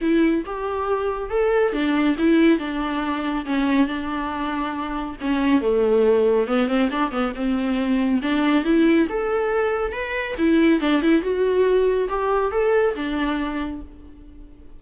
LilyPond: \new Staff \with { instrumentName = "viola" } { \time 4/4 \tempo 4 = 139 e'4 g'2 a'4 | d'4 e'4 d'2 | cis'4 d'2. | cis'4 a2 b8 c'8 |
d'8 b8 c'2 d'4 | e'4 a'2 b'4 | e'4 d'8 e'8 fis'2 | g'4 a'4 d'2 | }